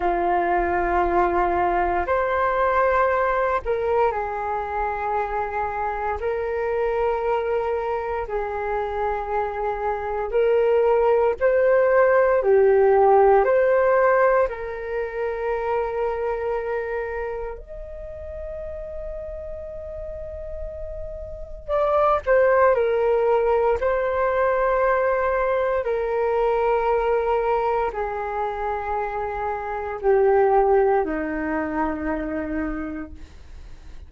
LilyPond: \new Staff \with { instrumentName = "flute" } { \time 4/4 \tempo 4 = 58 f'2 c''4. ais'8 | gis'2 ais'2 | gis'2 ais'4 c''4 | g'4 c''4 ais'2~ |
ais'4 dis''2.~ | dis''4 d''8 c''8 ais'4 c''4~ | c''4 ais'2 gis'4~ | gis'4 g'4 dis'2 | }